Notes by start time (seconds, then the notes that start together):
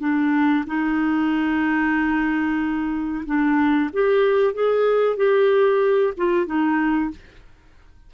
0.00 D4
0.67 D#4
3.26 D4
3.93 G4
4.54 G#4
5.17 G4
6.17 F4
6.46 D#4